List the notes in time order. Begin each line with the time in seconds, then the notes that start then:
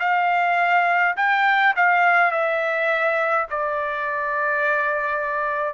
0.00 F5
1.16 G5
1.76 F5
2.31 E5
3.50 D5